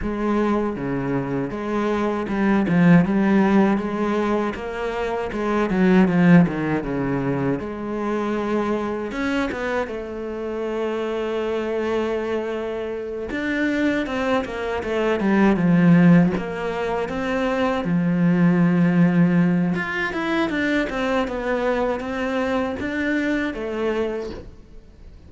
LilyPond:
\new Staff \with { instrumentName = "cello" } { \time 4/4 \tempo 4 = 79 gis4 cis4 gis4 g8 f8 | g4 gis4 ais4 gis8 fis8 | f8 dis8 cis4 gis2 | cis'8 b8 a2.~ |
a4. d'4 c'8 ais8 a8 | g8 f4 ais4 c'4 f8~ | f2 f'8 e'8 d'8 c'8 | b4 c'4 d'4 a4 | }